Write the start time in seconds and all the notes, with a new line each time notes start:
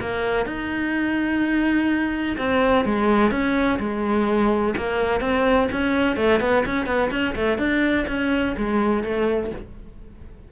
0.00 A#3
0.46 D#4
2.37 C4
2.84 G#3
3.31 C#4
3.79 G#3
4.77 A#3
5.20 C4
5.71 C#4
6.16 A3
6.40 B3
6.66 C#4
6.86 B3
7.10 C#4
7.35 A3
7.58 D4
8.07 C#4
8.57 G#3
9.03 A3